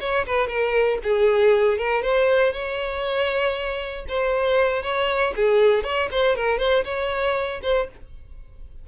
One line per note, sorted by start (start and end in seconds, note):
0.00 0.25 C#5
0.26 0.48 B4
0.48 0.98 A#4
1.03 1.78 G#4
1.78 2.02 A#4
2.02 2.53 C5
2.53 4.05 C#5
4.08 4.83 C5
4.83 5.33 C#5
5.36 5.83 G#4
5.83 6.09 C#5
6.11 6.36 C5
6.36 6.58 A#4
6.58 6.84 C5
6.84 7.61 C#5
7.62 7.88 C5